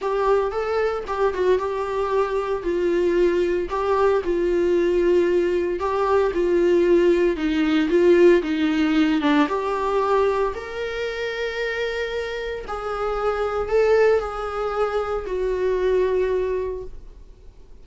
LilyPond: \new Staff \with { instrumentName = "viola" } { \time 4/4 \tempo 4 = 114 g'4 a'4 g'8 fis'8 g'4~ | g'4 f'2 g'4 | f'2. g'4 | f'2 dis'4 f'4 |
dis'4. d'8 g'2 | ais'1 | gis'2 a'4 gis'4~ | gis'4 fis'2. | }